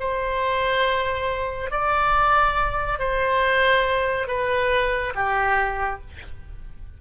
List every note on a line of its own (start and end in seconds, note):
0.00 1.71 C5
1.71 2.99 D5
2.99 4.28 C5
4.28 5.14 B4
5.15 6.01 G4